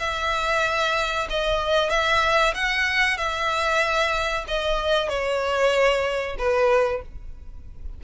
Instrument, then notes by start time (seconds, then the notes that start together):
violin
0.00 E5
1.30 D#5
1.90 E5
2.55 F#5
3.18 E5
4.48 D#5
5.09 C#5
6.39 B4